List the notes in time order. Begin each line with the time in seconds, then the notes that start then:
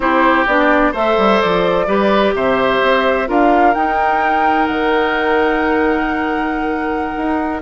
0.00 C4 E4 G4 C5
0.46 B3 D4 D5
0.91 A3 A4 C5 E5
1.17 G3
1.41 F3 D5
1.87 G3 G4 B4
2.34 C3 C5 E5
2.82 C4
3.26 D4 F4 A#4 F5
3.73 D#4 G5
4.67 D#3 F#5
7.16 D#4